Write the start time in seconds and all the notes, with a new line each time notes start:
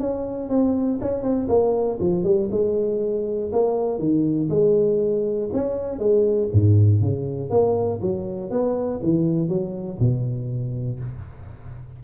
0.00 C#4
0.49 C4
1.01 C#4
1.23 C4
1.49 A#3
2.00 F3
2.24 G3
2.51 G#3
3.53 A#3
3.99 D#3
4.50 G#3
5.53 C#4
5.99 G#3
6.53 G#2
7.01 C#3
7.50 A#3
8.02 F#3
8.50 B3
9.03 E3
9.48 F#3
10.00 B2